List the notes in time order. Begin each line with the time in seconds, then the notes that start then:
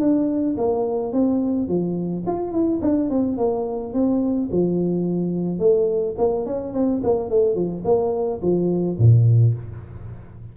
0.00 D4
0.58 A#3
1.13 C4
1.68 F3
2.27 F4
2.52 E4
2.82 D4
3.10 C4
3.38 A#3
3.94 C4
4.51 F3
5.59 A3
6.18 A#3
6.46 C#4
6.74 C4
7.04 A#3
7.30 A3
7.55 F3
7.85 A#3
8.42 F3
8.98 A#2